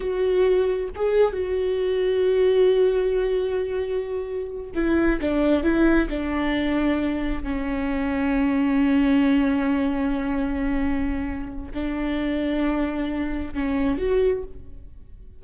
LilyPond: \new Staff \with { instrumentName = "viola" } { \time 4/4 \tempo 4 = 133 fis'2 gis'4 fis'4~ | fis'1~ | fis'2~ fis'8 e'4 d'8~ | d'8 e'4 d'2~ d'8~ |
d'8 cis'2.~ cis'8~ | cis'1~ | cis'2 d'2~ | d'2 cis'4 fis'4 | }